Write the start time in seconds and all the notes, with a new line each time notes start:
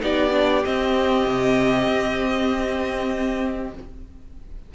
0.00 B3 D#4 G4 D5
0.32 D4
0.65 C4 D#5
1.27 C3
1.88 C4